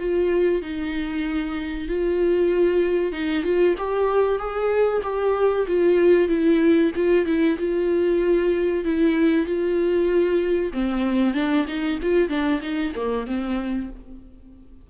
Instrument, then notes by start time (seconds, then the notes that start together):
viola
0.00 F4
0.62 D#4
1.89 F4
3.13 D#4
3.44 F4
3.78 G4
4.39 G#4
5.04 G4
5.68 F4
6.29 E4
6.96 F4
7.26 E4
7.59 F4
8.85 E4
9.46 F4
10.73 C4
11.35 D4
11.68 D#4
12.03 F4
12.29 D4
12.62 D#4
12.96 A#3
13.27 C4